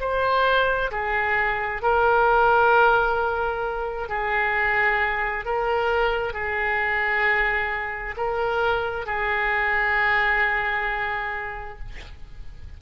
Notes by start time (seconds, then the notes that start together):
0.00 C5
0.91 G#4
1.82 A#4
4.09 G#4
5.45 A#4
6.33 G#4
8.17 A#4
9.06 G#4